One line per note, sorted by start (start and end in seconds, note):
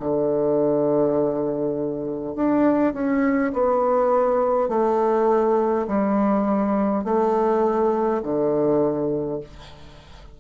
0.00 2.35 D3
2.35 2.93 D4
2.93 3.52 C#4
3.53 4.69 B3
4.69 5.87 A3
5.87 7.04 G3
7.04 8.22 A3
8.22 9.40 D3